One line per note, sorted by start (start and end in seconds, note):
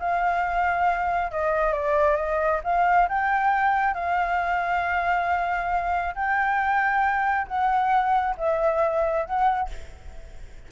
0.00 1.32 F5
1.32 1.73 D#5
1.73 2.17 D5
2.17 2.61 D#5
2.64 3.08 F5
3.09 3.94 G5
3.94 6.15 F5
6.15 7.48 G5
7.48 8.36 F#5
8.38 9.26 E5
9.26 9.70 F#5